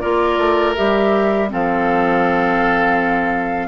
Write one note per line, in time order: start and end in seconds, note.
0.00 0.38 A#3
0.00 0.75 F4
0.00 1.49 A#4
0.00 0.74 D5
0.38 0.75 A3
0.76 1.53 G3
0.76 1.48 G4
0.76 1.50 E5
1.48 3.68 F3
1.48 3.68 C4
1.48 3.68 A4
1.48 3.68 F5